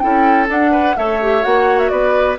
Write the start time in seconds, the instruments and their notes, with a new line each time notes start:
0.00 bassoon C#4, clarinet E4, oboe A4, flute G5
0.47 clarinet D4, bassoon D4, flute F#5
0.71 oboe B4
0.97 bassoon A3, clarinet A4, oboe C#5, flute E5
1.22 clarinet G4
1.42 bassoon A#3, clarinet F#4, flute F#5
1.79 flute E5
1.89 bassoon B3, oboe B4, flute D5